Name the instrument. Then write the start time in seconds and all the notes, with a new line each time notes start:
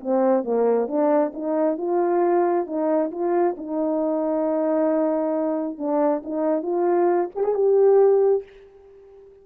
horn
0.00 C4
0.44 A#3
0.87 D4
1.33 D#4
1.77 F4
2.66 D#4
3.11 F4
3.57 D#4
5.78 D4
6.24 D#4
6.62 F4
7.35 G4
7.43 G#4
7.54 G4